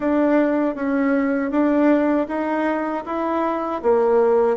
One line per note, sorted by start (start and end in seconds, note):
0.00 0.75 D4
0.75 1.51 C#4
1.51 2.26 D4
2.28 3.04 D#4
3.05 3.81 E4
3.82 4.56 A#3